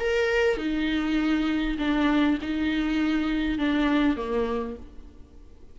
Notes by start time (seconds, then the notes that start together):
0.00 A#4
0.58 D#4
1.79 D4
2.42 D#4
3.59 D4
4.17 A#3